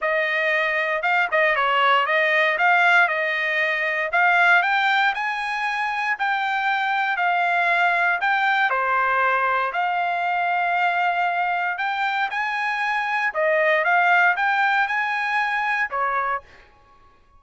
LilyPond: \new Staff \with { instrumentName = "trumpet" } { \time 4/4 \tempo 4 = 117 dis''2 f''8 dis''8 cis''4 | dis''4 f''4 dis''2 | f''4 g''4 gis''2 | g''2 f''2 |
g''4 c''2 f''4~ | f''2. g''4 | gis''2 dis''4 f''4 | g''4 gis''2 cis''4 | }